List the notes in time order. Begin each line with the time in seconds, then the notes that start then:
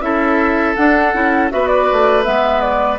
0.00 C#4 E4 A4 E5
0.75 D4 F#5
1.13 C#4 E4
1.50 B3 F#4 B4 E5
1.67 D5
1.92 A3
2.23 G#3 B3 E5
2.60 D5